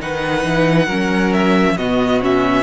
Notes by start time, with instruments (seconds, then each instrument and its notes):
0.00 cello D#3, viola D#4, violin B4 F#5
0.45 cello E3
0.86 cello F#3, viola C#4, violin A#4
1.33 violin E5
1.77 cello B2, viola B3, violin F#4 D#5
2.21 viola C#4, violin E5